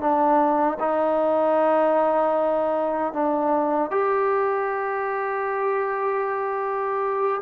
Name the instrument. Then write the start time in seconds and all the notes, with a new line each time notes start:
trombone
0.00 D4
0.79 D#4
3.13 D4
3.90 G4